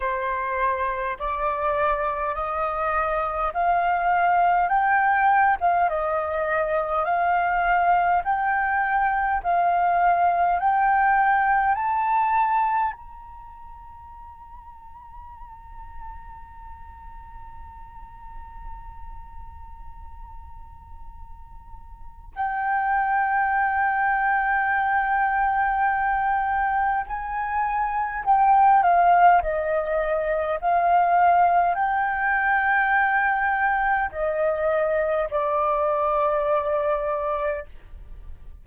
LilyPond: \new Staff \with { instrumentName = "flute" } { \time 4/4 \tempo 4 = 51 c''4 d''4 dis''4 f''4 | g''8. f''16 dis''4 f''4 g''4 | f''4 g''4 a''4 ais''4~ | ais''1~ |
ais''2. g''4~ | g''2. gis''4 | g''8 f''8 dis''4 f''4 g''4~ | g''4 dis''4 d''2 | }